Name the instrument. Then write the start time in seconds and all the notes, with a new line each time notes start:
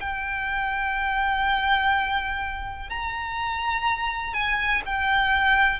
violin
0.00 G5
2.89 A#5
4.33 G#5
4.85 G5